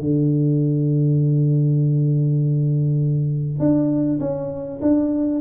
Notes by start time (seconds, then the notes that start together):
0.00 D3
3.59 D4
4.20 C#4
4.81 D4